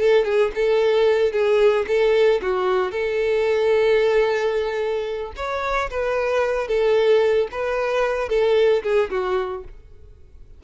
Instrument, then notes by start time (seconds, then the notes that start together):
violin
0.00 A4
0.25 G#4
0.55 A4
1.32 G#4
1.87 A4
2.42 F#4
2.92 A4
5.36 C#5
5.91 B4
6.68 A4
7.51 B4
8.29 A4
8.83 G#4
9.10 F#4